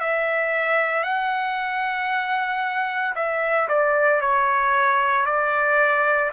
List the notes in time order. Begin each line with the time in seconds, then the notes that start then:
0.00 E5
1.03 F#5
3.15 E5
3.68 D5
4.21 C#5
5.26 D5